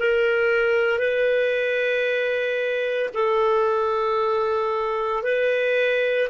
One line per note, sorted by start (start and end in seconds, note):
0.00 1.00 A#4
1.00 3.10 B4
3.14 5.23 A4
5.23 6.29 B4